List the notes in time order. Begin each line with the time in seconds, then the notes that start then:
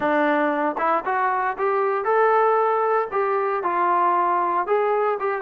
0.00 D4
0.78 E4
1.05 F#4
1.58 G4
2.04 A4
3.11 G4
3.63 F4
4.66 G#4
5.19 G4